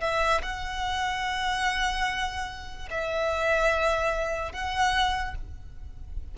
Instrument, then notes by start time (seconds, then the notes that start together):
violin
0.00 E5
0.42 F#5
2.90 E5
4.52 F#5